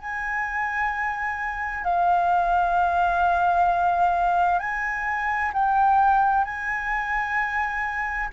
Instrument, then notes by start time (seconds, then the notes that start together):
flute
0.00 G#5
1.85 F5
4.59 G#5
5.53 G5
6.45 G#5